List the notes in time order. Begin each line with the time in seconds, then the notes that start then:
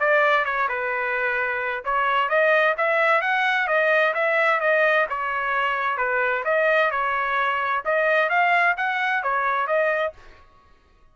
0.00 D5
0.45 C#5
0.69 B4
1.85 C#5
2.29 D#5
2.77 E5
3.21 F#5
3.68 D#5
4.15 E5
4.60 D#5
5.10 C#5
5.98 B4
6.45 D#5
6.91 C#5
7.85 D#5
8.30 F5
8.77 F#5
9.23 C#5
9.67 D#5